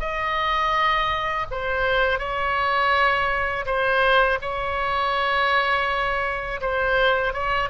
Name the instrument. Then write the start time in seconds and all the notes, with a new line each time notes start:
oboe
0.00 D#5
1.51 C5
2.19 C#5
3.66 C5
4.41 C#5
6.61 C5
7.34 C#5